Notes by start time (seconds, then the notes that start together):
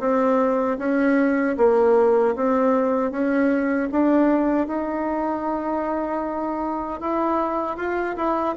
0.00 C4
0.79 C#4
1.57 A#3
2.36 C4
3.11 C#4
3.92 D4
4.68 D#4
7.01 E4
7.77 F4
8.16 E4